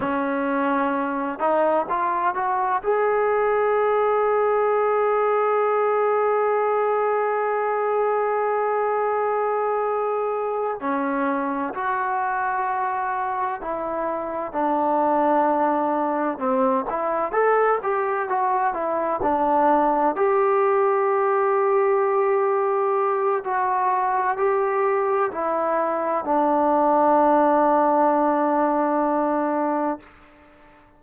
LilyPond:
\new Staff \with { instrumentName = "trombone" } { \time 4/4 \tempo 4 = 64 cis'4. dis'8 f'8 fis'8 gis'4~ | gis'1~ | gis'2.~ gis'8 cis'8~ | cis'8 fis'2 e'4 d'8~ |
d'4. c'8 e'8 a'8 g'8 fis'8 | e'8 d'4 g'2~ g'8~ | g'4 fis'4 g'4 e'4 | d'1 | }